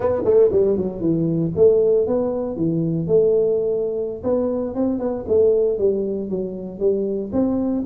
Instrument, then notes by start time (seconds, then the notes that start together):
tuba
0.00 B3
0.24 A3
0.52 G3
0.77 F#3
1.00 E3
1.56 A3
2.07 B3
2.56 E3
3.07 A3
4.23 B3
4.74 C4
4.99 B3
5.28 A3
5.78 G3
6.29 F#3
6.79 G3
7.32 C4